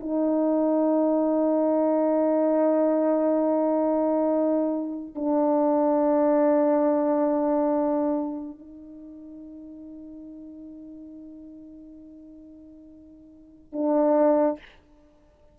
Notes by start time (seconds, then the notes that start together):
0.00 D#4
5.15 D4
8.58 D#4
13.72 D4